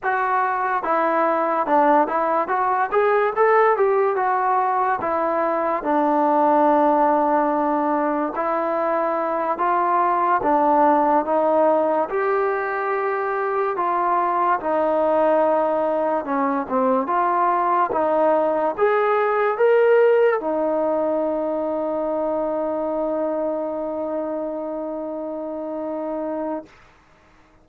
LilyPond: \new Staff \with { instrumentName = "trombone" } { \time 4/4 \tempo 4 = 72 fis'4 e'4 d'8 e'8 fis'8 gis'8 | a'8 g'8 fis'4 e'4 d'4~ | d'2 e'4. f'8~ | f'8 d'4 dis'4 g'4.~ |
g'8 f'4 dis'2 cis'8 | c'8 f'4 dis'4 gis'4 ais'8~ | ais'8 dis'2.~ dis'8~ | dis'1 | }